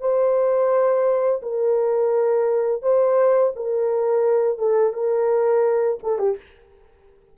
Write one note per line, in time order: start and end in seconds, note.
0.00 1.41 C5
1.42 2.82 A#4
2.82 3.53 C5
3.56 4.58 A#4
4.58 4.93 A4
4.93 5.99 A#4
6.03 6.19 A4
6.19 6.36 G4